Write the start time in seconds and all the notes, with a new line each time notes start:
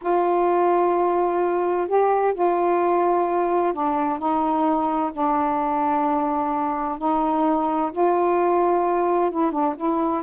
0.01 F4
1.87 G4
2.34 F4
3.73 D4
4.18 D#4
5.12 D4
6.98 D#4
7.92 F4
9.30 E4
9.51 D4
9.76 E4